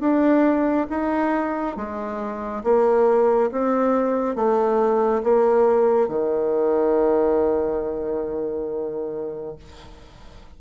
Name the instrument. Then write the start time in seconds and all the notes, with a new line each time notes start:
bassoon
0.00 D4
0.89 D#4
1.76 G#3
2.63 A#3
3.52 C4
4.35 A3
5.23 A#3
6.08 D#3